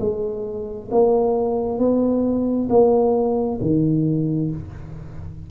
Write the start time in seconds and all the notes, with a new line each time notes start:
0.00 G#3
0.91 A#3
1.79 B3
2.70 A#3
3.61 D#3